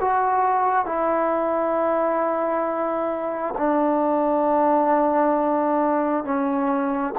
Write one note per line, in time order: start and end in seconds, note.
0.00 0.85 F#4
0.85 3.54 E4
3.57 6.24 D4
6.24 7.14 C#4